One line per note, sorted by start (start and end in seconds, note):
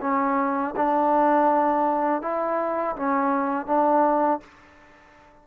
0.00 0.74 C#4
0.76 2.21 D4
2.21 2.95 E4
2.96 3.66 C#4
3.66 4.40 D4